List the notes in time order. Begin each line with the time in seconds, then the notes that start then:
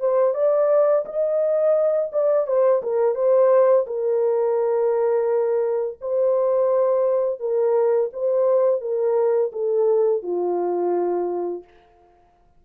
0.00 C5
0.35 D5
1.06 D#5
2.12 D5
2.47 C5
2.83 A#4
3.15 C5
3.87 A#4
6.01 C5
7.40 A#4
8.13 C5
8.81 A#4
9.53 A4
10.23 F4